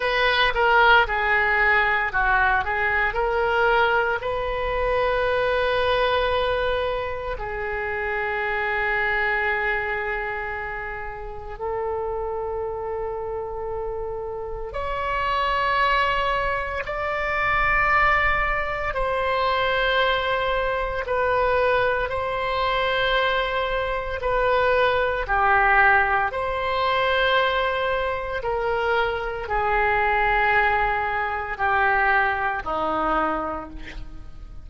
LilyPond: \new Staff \with { instrumentName = "oboe" } { \time 4/4 \tempo 4 = 57 b'8 ais'8 gis'4 fis'8 gis'8 ais'4 | b'2. gis'4~ | gis'2. a'4~ | a'2 cis''2 |
d''2 c''2 | b'4 c''2 b'4 | g'4 c''2 ais'4 | gis'2 g'4 dis'4 | }